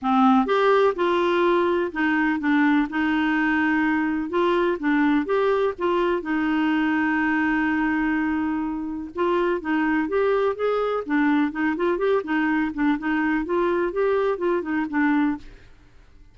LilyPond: \new Staff \with { instrumentName = "clarinet" } { \time 4/4 \tempo 4 = 125 c'4 g'4 f'2 | dis'4 d'4 dis'2~ | dis'4 f'4 d'4 g'4 | f'4 dis'2.~ |
dis'2. f'4 | dis'4 g'4 gis'4 d'4 | dis'8 f'8 g'8 dis'4 d'8 dis'4 | f'4 g'4 f'8 dis'8 d'4 | }